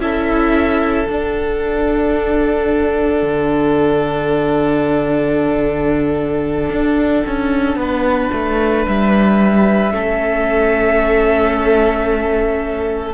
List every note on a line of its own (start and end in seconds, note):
0.00 1.07 C#4
0.00 1.07 E4
0.00 7.79 A4
0.00 1.08 E5
1.08 3.22 D4
1.08 9.91 D4
1.08 8.85 F#5
3.22 6.69 D3
6.69 7.23 D4
7.27 7.76 C#4
7.76 8.30 B3
7.76 9.93 B4
8.33 8.86 A3
8.87 9.92 G3
8.87 13.14 E5
9.91 13.14 A3
9.91 13.13 C#4
9.91 13.14 A4